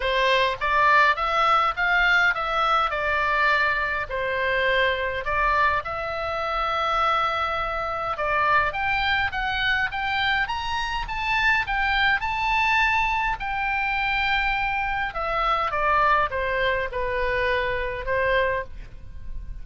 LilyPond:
\new Staff \with { instrumentName = "oboe" } { \time 4/4 \tempo 4 = 103 c''4 d''4 e''4 f''4 | e''4 d''2 c''4~ | c''4 d''4 e''2~ | e''2 d''4 g''4 |
fis''4 g''4 ais''4 a''4 | g''4 a''2 g''4~ | g''2 e''4 d''4 | c''4 b'2 c''4 | }